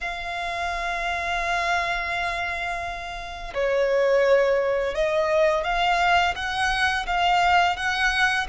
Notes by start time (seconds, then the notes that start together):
0.00 F5
3.54 C#5
4.94 D#5
5.63 F5
6.35 F#5
7.06 F5
7.76 F#5